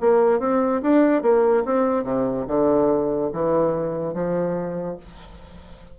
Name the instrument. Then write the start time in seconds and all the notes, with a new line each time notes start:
bassoon
0.00 A#3
0.39 C4
0.82 D4
1.22 A#3
1.65 C4
2.03 C3
2.47 D3
3.33 E3
4.13 F3